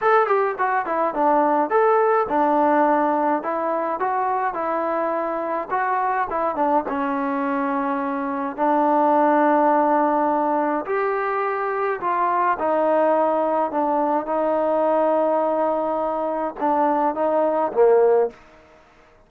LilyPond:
\new Staff \with { instrumentName = "trombone" } { \time 4/4 \tempo 4 = 105 a'8 g'8 fis'8 e'8 d'4 a'4 | d'2 e'4 fis'4 | e'2 fis'4 e'8 d'8 | cis'2. d'4~ |
d'2. g'4~ | g'4 f'4 dis'2 | d'4 dis'2.~ | dis'4 d'4 dis'4 ais4 | }